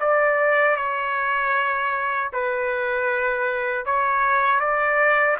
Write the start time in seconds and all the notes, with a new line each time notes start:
0.00 D5
0.76 C#5
2.33 B4
3.85 C#5
4.60 D5